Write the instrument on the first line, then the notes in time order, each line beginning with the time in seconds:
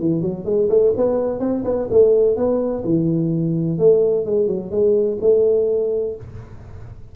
tuba
0.00 E3
0.22 F#3
0.45 G#3
0.70 A3
0.97 B3
1.40 C4
1.65 B3
1.91 A3
2.37 B3
2.85 E3
3.79 A3
4.26 G#3
4.48 F#3
4.71 G#3
5.21 A3